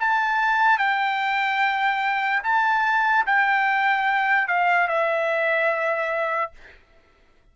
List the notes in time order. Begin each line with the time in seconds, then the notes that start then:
0.00 A5
0.78 G5
2.43 A5
3.26 G5
4.48 F5
4.88 E5